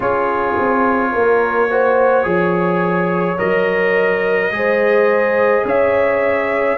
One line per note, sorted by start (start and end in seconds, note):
0.00 0.56 C#4
0.00 1.70 F4
0.00 1.10 G#4
0.00 3.38 C#5
0.58 1.15 C4
1.12 2.25 A#3
1.12 1.69 A#4
1.70 2.23 F#4
1.70 2.26 C5
2.23 3.38 F3
2.23 3.37 G#4
2.23 4.52 C#5
3.38 4.50 F#3
3.38 4.51 A#4
3.38 5.65 D#5
4.50 5.64 G#3
4.50 6.78 G#4
4.50 5.66 C5
5.64 6.78 C#4
5.64 6.78 C#5
5.64 6.78 E5